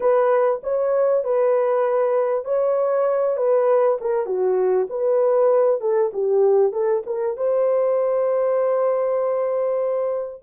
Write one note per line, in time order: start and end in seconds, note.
0.00 0.60 B4
0.63 1.24 C#5
1.24 2.45 B4
2.45 3.36 C#5
3.36 3.97 B4
4.00 4.26 A#4
4.26 4.87 F#4
4.89 5.80 B4
5.80 6.11 A4
6.13 6.72 G4
6.72 7.02 A4
7.06 7.36 A#4
7.36 10.42 C5